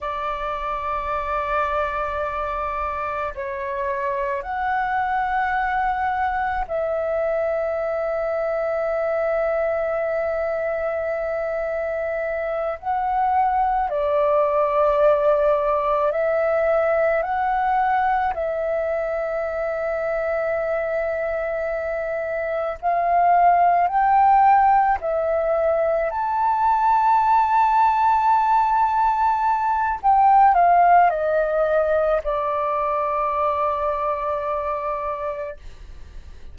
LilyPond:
\new Staff \with { instrumentName = "flute" } { \time 4/4 \tempo 4 = 54 d''2. cis''4 | fis''2 e''2~ | e''2.~ e''8 fis''8~ | fis''8 d''2 e''4 fis''8~ |
fis''8 e''2.~ e''8~ | e''8 f''4 g''4 e''4 a''8~ | a''2. g''8 f''8 | dis''4 d''2. | }